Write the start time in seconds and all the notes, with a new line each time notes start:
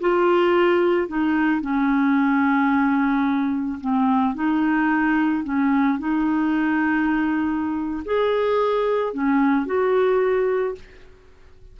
0.00 F4
1.08 D#4
1.61 C#4
3.80 C4
4.34 D#4
5.43 C#4
5.98 D#4
8.05 G#4
9.13 C#4
9.65 F#4